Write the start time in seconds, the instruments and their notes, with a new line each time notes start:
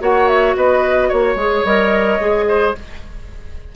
0.00 bassoon A#3, clarinet F#4, oboe C#5, flute F#5
0.28 flute E5
0.55 bassoon B3, oboe B4, flute D#5
1.09 bassoon A#3, oboe C#5, flute C#5
1.35 bassoon G#3, clarinet G#4
1.64 bassoon G3, clarinet A#4, flute D#5
2.20 bassoon G#3, clarinet G#4
2.48 oboe C5